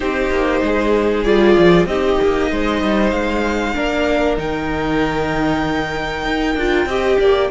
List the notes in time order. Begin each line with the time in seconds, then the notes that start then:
0.00 C4 D#4 G4 C5
0.30 A#3
0.62 G#3 G#4
1.23 G3 F4 D5
1.57 F3
1.85 C4 D#4 G4 D#5
2.21 A#3
2.51 G#3 C5
2.82 G3
3.10 G#3 F5
3.75 A#3 D4 A#4
4.36 D#3 D#4 G5
6.24 D#4
6.55 D4 F4
6.85 C4 G4 D#5
7.19 A#3 D5